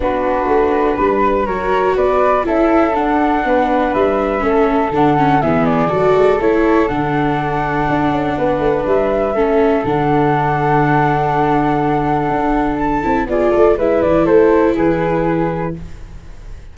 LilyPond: <<
  \new Staff \with { instrumentName = "flute" } { \time 4/4 \tempo 4 = 122 b'2. cis''4 | d''4 e''4 fis''2 | e''2 fis''4 e''8 d''8~ | d''4 cis''4 fis''2~ |
fis''2 e''2 | fis''1~ | fis''2 a''4 d''4 | e''8 d''8 c''4 b'2 | }
  \new Staff \with { instrumentName = "flute" } { \time 4/4 fis'2 b'4 ais'4 | b'4 a'2 b'4~ | b'4 a'2 gis'4 | a'1~ |
a'4 b'2 a'4~ | a'1~ | a'2. gis'8 a'8 | b'4 a'4 gis'2 | }
  \new Staff \with { instrumentName = "viola" } { \time 4/4 d'2. fis'4~ | fis'4 e'4 d'2~ | d'4 cis'4 d'8 cis'8 b4 | fis'4 e'4 d'2~ |
d'2. cis'4 | d'1~ | d'2~ d'8 e'8 f'4 | e'1 | }
  \new Staff \with { instrumentName = "tuba" } { \time 4/4 b4 a4 g4 fis4 | b4 cis'4 d'4 b4 | g4 a4 d4 e4 | fis8 gis8 a4 d2 |
d'8 cis'8 b8 a8 g4 a4 | d1~ | d4 d'4. c'8 b8 a8 | gis8 e8 a4 e2 | }
>>